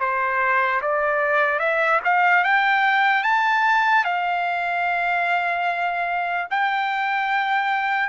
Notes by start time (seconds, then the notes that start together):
0.00 C5
0.82 D5
1.60 E5
2.05 F5
2.44 G5
3.24 A5
4.05 F5
6.50 G5